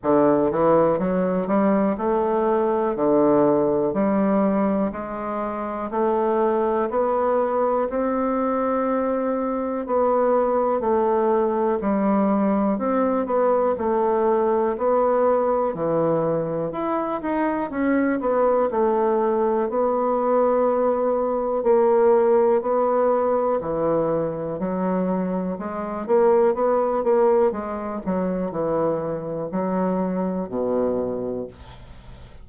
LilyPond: \new Staff \with { instrumentName = "bassoon" } { \time 4/4 \tempo 4 = 61 d8 e8 fis8 g8 a4 d4 | g4 gis4 a4 b4 | c'2 b4 a4 | g4 c'8 b8 a4 b4 |
e4 e'8 dis'8 cis'8 b8 a4 | b2 ais4 b4 | e4 fis4 gis8 ais8 b8 ais8 | gis8 fis8 e4 fis4 b,4 | }